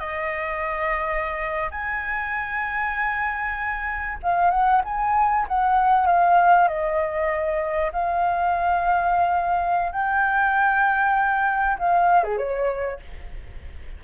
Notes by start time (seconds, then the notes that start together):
0.00 D#5
1.71 G#5
4.23 F5
4.51 F#5
4.85 G#5
5.49 F#5
6.06 F5
6.68 D#5
7.93 F5
9.92 G5
11.79 F5
12.24 G#4
12.38 C#5